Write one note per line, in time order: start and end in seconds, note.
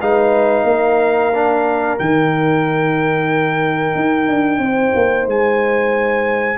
0.00 0.64 G#3
0.00 1.33 D#4
0.00 0.65 B4
0.00 1.98 F5
0.64 1.96 A#3
0.64 4.60 A#4
1.34 1.99 D4
1.99 3.95 D#3
1.99 6.58 D#4
1.99 5.28 G5
3.95 4.28 D#4
4.28 4.58 D4
4.58 4.91 C4
4.58 6.58 C5
4.95 5.27 A#3
5.27 6.58 G#3
5.27 6.58 G#5